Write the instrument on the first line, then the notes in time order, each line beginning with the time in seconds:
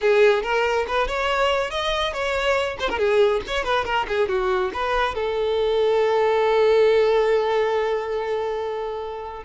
violin
0.01 G#4
0.43 A#4
0.87 B4
1.07 C#5
1.70 D#5
2.13 C#5
2.79 C5
2.89 A#4
2.98 G#4
3.47 C#5
3.64 B4
3.84 A#4
4.07 G#4
4.28 F#4
4.73 B4
5.14 A4